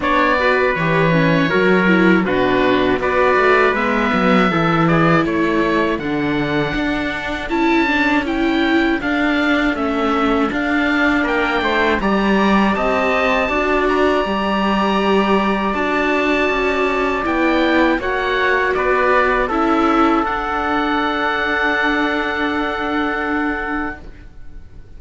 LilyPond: <<
  \new Staff \with { instrumentName = "oboe" } { \time 4/4 \tempo 4 = 80 d''4 cis''2 b'4 | d''4 e''4. d''8 cis''4 | fis''2 a''4 g''4 | f''4 e''4 f''4 g''4 |
ais''4 a''4. ais''4.~ | ais''4 a''2 g''4 | fis''4 d''4 e''4 fis''4~ | fis''1 | }
  \new Staff \with { instrumentName = "trumpet" } { \time 4/4 cis''8 b'4. ais'4 fis'4 | b'2 a'8 gis'8 a'4~ | a'1~ | a'2. ais'8 c''8 |
d''4 dis''4 d''2~ | d''1 | cis''4 b'4 a'2~ | a'1 | }
  \new Staff \with { instrumentName = "viola" } { \time 4/4 d'8 fis'8 g'8 cis'8 fis'8 e'8 d'4 | fis'4 b4 e'2 | d'2 e'8 d'8 e'4 | d'4 cis'4 d'2 |
g'2 fis'4 g'4~ | g'4 fis'2 e'4 | fis'2 e'4 d'4~ | d'1 | }
  \new Staff \with { instrumentName = "cello" } { \time 4/4 b4 e4 fis4 b,4 | b8 a8 gis8 fis8 e4 a4 | d4 d'4 cis'2 | d'4 a4 d'4 ais8 a8 |
g4 c'4 d'4 g4~ | g4 d'4 cis'4 b4 | ais4 b4 cis'4 d'4~ | d'1 | }
>>